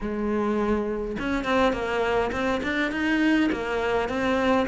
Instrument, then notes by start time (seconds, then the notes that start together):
cello
0.00 G#3
1.19 C#4
1.44 C4
1.73 A#3
2.32 C4
2.63 D4
2.91 D#4
3.51 A#3
4.08 C4